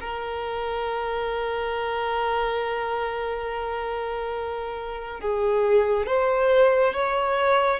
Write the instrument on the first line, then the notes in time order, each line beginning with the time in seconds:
violin
0.00 A#4
5.20 G#4
6.06 C5
6.93 C#5